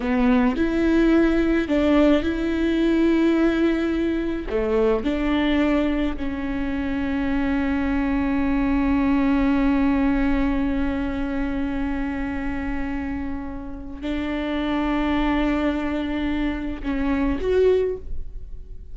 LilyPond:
\new Staff \with { instrumentName = "viola" } { \time 4/4 \tempo 4 = 107 b4 e'2 d'4 | e'1 | a4 d'2 cis'4~ | cis'1~ |
cis'1~ | cis'1~ | cis'4 d'2.~ | d'2 cis'4 fis'4 | }